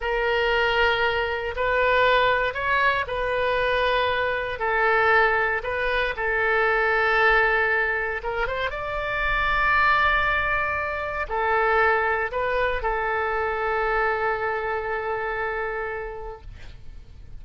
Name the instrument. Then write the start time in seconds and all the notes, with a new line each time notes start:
oboe
0.00 A#4
1.55 B4
2.54 C#5
3.07 B4
4.59 A4
5.63 B4
6.16 A4
8.23 A#4
8.47 C5
8.70 D5
11.28 A4
12.31 B4
12.82 A4